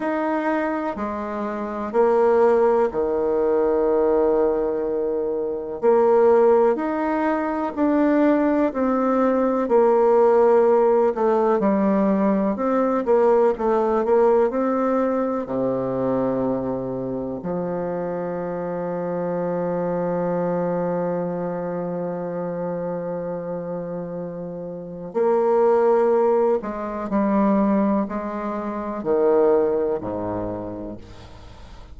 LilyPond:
\new Staff \with { instrumentName = "bassoon" } { \time 4/4 \tempo 4 = 62 dis'4 gis4 ais4 dis4~ | dis2 ais4 dis'4 | d'4 c'4 ais4. a8 | g4 c'8 ais8 a8 ais8 c'4 |
c2 f2~ | f1~ | f2 ais4. gis8 | g4 gis4 dis4 gis,4 | }